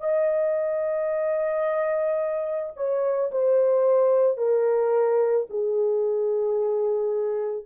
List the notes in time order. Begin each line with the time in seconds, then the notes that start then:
0.00 D#5
2.76 C#5
3.31 C5
4.37 A#4
5.49 G#4